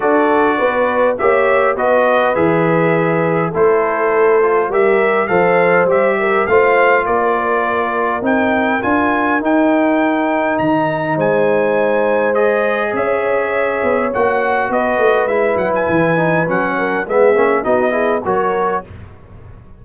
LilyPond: <<
  \new Staff \with { instrumentName = "trumpet" } { \time 4/4 \tempo 4 = 102 d''2 e''4 dis''4 | e''2 c''2 | e''4 f''4 e''4 f''4 | d''2 g''4 gis''4 |
g''2 ais''4 gis''4~ | gis''4 dis''4 e''2 | fis''4 dis''4 e''8 fis''16 gis''4~ gis''16 | fis''4 e''4 dis''4 cis''4 | }
  \new Staff \with { instrumentName = "horn" } { \time 4/4 a'4 b'4 cis''4 b'4~ | b'2 a'2 | ais'4 c''4. ais'8 c''4 | ais'1~ |
ais'2. c''4~ | c''2 cis''2~ | cis''4 b'2.~ | b'8 ais'8 gis'4 fis'8 gis'8 ais'4 | }
  \new Staff \with { instrumentName = "trombone" } { \time 4/4 fis'2 g'4 fis'4 | gis'2 e'4. f'8 | g'4 a'4 g'4 f'4~ | f'2 dis'4 f'4 |
dis'1~ | dis'4 gis'2. | fis'2 e'4. dis'8 | cis'4 b8 cis'8 dis'8 e'8 fis'4 | }
  \new Staff \with { instrumentName = "tuba" } { \time 4/4 d'4 b4 ais4 b4 | e2 a2 | g4 f4 g4 a4 | ais2 c'4 d'4 |
dis'2 dis4 gis4~ | gis2 cis'4. b8 | ais4 b8 a8 gis8 fis8 e4 | fis4 gis8 ais8 b4 fis4 | }
>>